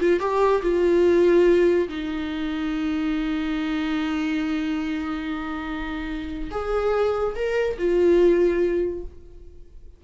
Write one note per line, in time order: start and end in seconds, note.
0.00 0.20 F4
0.20 0.62 G4
0.63 1.88 F4
1.89 6.51 D#4
6.52 7.36 G#4
7.36 7.78 A#4
7.79 9.04 F4